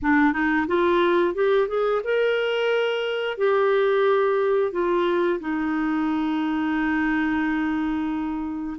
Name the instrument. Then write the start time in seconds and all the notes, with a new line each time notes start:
clarinet
0.02 D4
0.32 D#4
0.67 F4
1.34 G4
1.68 G#4
2.04 A#4
3.37 G4
4.72 F4
5.40 D#4